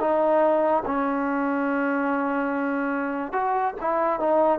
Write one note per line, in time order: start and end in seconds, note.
0.00 0.83 D#4
0.86 3.33 C#4
3.33 3.74 F#4
3.81 4.20 E4
4.20 4.59 D#4